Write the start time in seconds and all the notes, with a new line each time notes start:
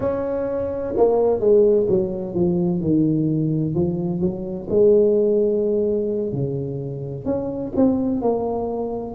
0.00 C#4
0.96 A#3
1.40 G#3
1.88 F#3
2.34 F3
2.80 D#3
3.75 F3
4.20 F#3
4.69 G#3
6.32 C#3
7.25 C#4
7.76 C4
8.21 A#3